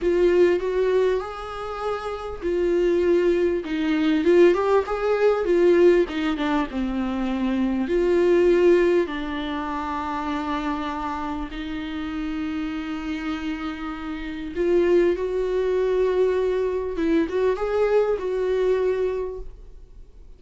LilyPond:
\new Staff \with { instrumentName = "viola" } { \time 4/4 \tempo 4 = 99 f'4 fis'4 gis'2 | f'2 dis'4 f'8 g'8 | gis'4 f'4 dis'8 d'8 c'4~ | c'4 f'2 d'4~ |
d'2. dis'4~ | dis'1 | f'4 fis'2. | e'8 fis'8 gis'4 fis'2 | }